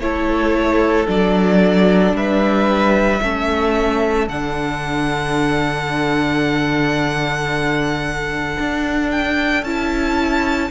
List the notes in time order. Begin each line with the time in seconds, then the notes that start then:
0.00 A3 E4 A4 C#5
1.06 F#3 D4 D5
2.13 G3 B4 E5
3.22 A3 C#4 A4
4.28 D3 D4 F#5
8.60 D4
9.12 G5
9.63 C#4 E4 A5